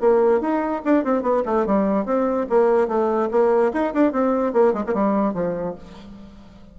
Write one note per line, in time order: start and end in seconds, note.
0.00 0.40 A#3
0.40 0.81 D#4
0.84 1.04 D4
1.04 1.22 C4
1.22 1.43 B3
1.45 1.66 A3
1.66 2.05 G3
2.05 2.46 C4
2.49 2.88 A#3
2.88 3.29 A3
3.31 3.72 A#3
3.73 3.93 D#4
3.94 4.12 D4
4.12 4.53 C4
4.53 4.73 A#3
4.73 4.84 G#3
4.86 4.94 A#3
4.94 5.34 G3
5.34 5.75 F3